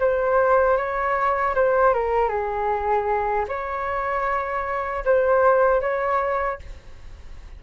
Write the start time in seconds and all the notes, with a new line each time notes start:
0.00 C5
0.77 C#5
1.55 C5
1.94 A#4
2.29 G#4
3.48 C#5
5.05 C5
5.81 C#5